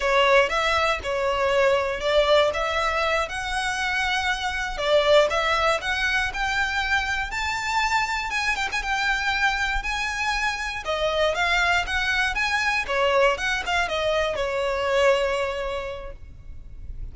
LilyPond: \new Staff \with { instrumentName = "violin" } { \time 4/4 \tempo 4 = 119 cis''4 e''4 cis''2 | d''4 e''4. fis''4.~ | fis''4. d''4 e''4 fis''8~ | fis''8 g''2 a''4.~ |
a''8 gis''8 g''16 gis''16 g''2 gis''8~ | gis''4. dis''4 f''4 fis''8~ | fis''8 gis''4 cis''4 fis''8 f''8 dis''8~ | dis''8 cis''2.~ cis''8 | }